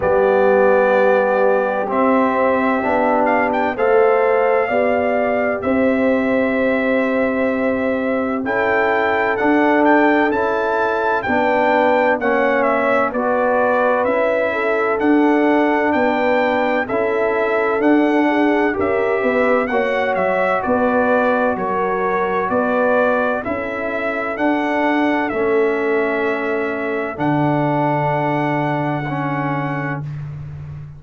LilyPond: <<
  \new Staff \with { instrumentName = "trumpet" } { \time 4/4 \tempo 4 = 64 d''2 e''4. f''16 g''16 | f''2 e''2~ | e''4 g''4 fis''8 g''8 a''4 | g''4 fis''8 e''8 d''4 e''4 |
fis''4 g''4 e''4 fis''4 | e''4 fis''8 e''8 d''4 cis''4 | d''4 e''4 fis''4 e''4~ | e''4 fis''2. | }
  \new Staff \with { instrumentName = "horn" } { \time 4/4 g'1 | c''4 d''4 c''2~ | c''4 a'2. | b'4 cis''4 b'4. a'8~ |
a'4 b'4 a'4. gis'8 | ais'8 b'8 cis''4 b'4 ais'4 | b'4 a'2.~ | a'1 | }
  \new Staff \with { instrumentName = "trombone" } { \time 4/4 b2 c'4 d'4 | a'4 g'2.~ | g'4 e'4 d'4 e'4 | d'4 cis'4 fis'4 e'4 |
d'2 e'4 d'4 | g'4 fis'2.~ | fis'4 e'4 d'4 cis'4~ | cis'4 d'2 cis'4 | }
  \new Staff \with { instrumentName = "tuba" } { \time 4/4 g2 c'4 b4 | a4 b4 c'2~ | c'4 cis'4 d'4 cis'4 | b4 ais4 b4 cis'4 |
d'4 b4 cis'4 d'4 | cis'8 b8 ais8 fis8 b4 fis4 | b4 cis'4 d'4 a4~ | a4 d2. | }
>>